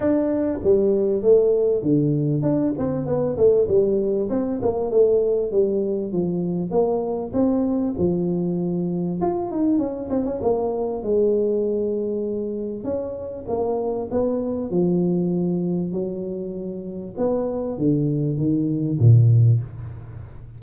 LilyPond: \new Staff \with { instrumentName = "tuba" } { \time 4/4 \tempo 4 = 98 d'4 g4 a4 d4 | d'8 c'8 b8 a8 g4 c'8 ais8 | a4 g4 f4 ais4 | c'4 f2 f'8 dis'8 |
cis'8 c'16 cis'16 ais4 gis2~ | gis4 cis'4 ais4 b4 | f2 fis2 | b4 d4 dis4 ais,4 | }